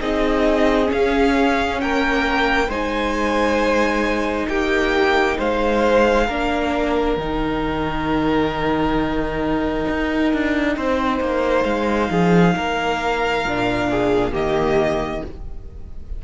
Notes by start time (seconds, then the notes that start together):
0.00 C4 D#4 G#4 D#5
0.86 C#4 F5
0.93 C#4
1.81 A#3 A#4 G5
2.68 G#3 D#4 C5 G#5
4.48 A#3 G4 G5
5.38 G#3 C5 F5
6.26 A#3 D4 A#4
7.16 D#3 D#4 G5
9.88 D#4
10.33 D4
10.76 C4 C5
11.20 A#3
11.63 G#3 F5
12.10 F3 G#4
12.56 A#3 A#4
13.45 A#2 D4
13.90 G#4
14.32 D#3 A#3 G4 D#5